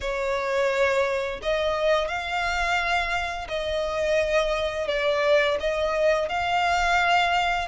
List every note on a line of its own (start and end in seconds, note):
0.01 1.40 C#5
1.42 2.07 D#5
2.07 3.47 F5
3.48 4.87 D#5
4.87 5.57 D5
5.60 6.28 D#5
6.28 7.68 F5